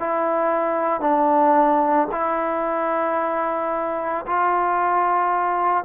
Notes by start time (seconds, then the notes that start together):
0.00 E4
1.01 D4
2.12 E4
4.27 F4